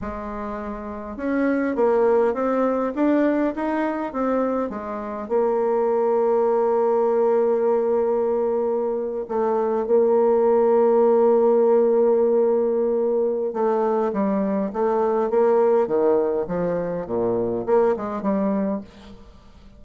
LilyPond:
\new Staff \with { instrumentName = "bassoon" } { \time 4/4 \tempo 4 = 102 gis2 cis'4 ais4 | c'4 d'4 dis'4 c'4 | gis4 ais2.~ | ais2.~ ais8. a16~ |
a8. ais2.~ ais16~ | ais2. a4 | g4 a4 ais4 dis4 | f4 ais,4 ais8 gis8 g4 | }